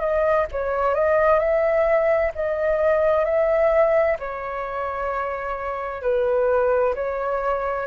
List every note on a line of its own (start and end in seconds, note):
0.00 0.46 D#5
0.52 0.94 C#5
0.94 1.39 D#5
1.39 2.32 E5
2.35 3.25 D#5
3.25 4.17 E5
4.19 6.02 C#5
6.02 6.94 B4
6.95 7.87 C#5